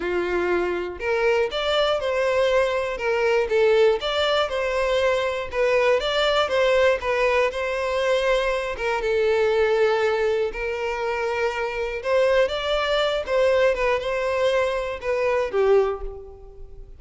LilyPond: \new Staff \with { instrumentName = "violin" } { \time 4/4 \tempo 4 = 120 f'2 ais'4 d''4 | c''2 ais'4 a'4 | d''4 c''2 b'4 | d''4 c''4 b'4 c''4~ |
c''4. ais'8 a'2~ | a'4 ais'2. | c''4 d''4. c''4 b'8 | c''2 b'4 g'4 | }